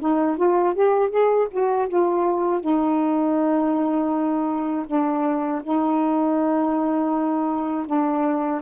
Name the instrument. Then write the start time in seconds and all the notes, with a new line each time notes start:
saxophone
0.00 D#4
0.37 F4
0.75 G4
1.10 G#4
1.51 F#4
1.88 F4
2.61 D#4
4.87 D4
5.63 D#4
7.86 D4